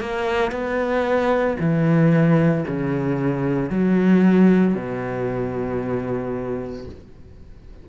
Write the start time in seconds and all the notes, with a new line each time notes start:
0.00 A#3
0.52 B3
1.59 E3
2.67 C#3
3.70 F#3
4.75 B2